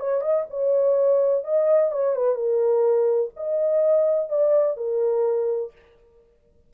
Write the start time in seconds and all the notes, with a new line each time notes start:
0.00 C#5
0.22 D#5
0.51 C#5
1.44 D#5
1.92 C#5
2.16 B4
2.36 A#4
3.37 D#5
4.30 D5
4.77 A#4